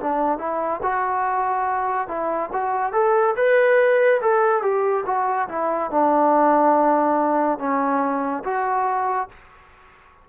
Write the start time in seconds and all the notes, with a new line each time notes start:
0.00 D4
0.38 E4
0.82 F#4
2.07 E4
2.52 F#4
2.92 A4
3.36 B4
4.21 A4
4.62 G4
5.06 F#4
5.49 E4
5.90 D4
7.58 C#4
8.44 F#4